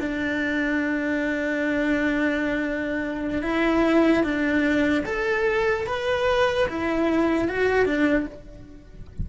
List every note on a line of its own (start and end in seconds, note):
0.00 3.43 D4
3.43 4.24 E4
4.24 5.05 D4
5.06 5.87 A4
5.87 6.68 B4
6.69 7.49 E4
7.49 7.86 F#4
7.86 8.27 D4